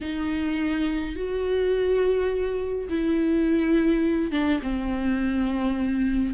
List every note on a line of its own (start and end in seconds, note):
0.00 1.15 D#4
1.15 2.88 F#4
2.88 4.31 E4
4.31 4.60 D4
4.62 6.34 C4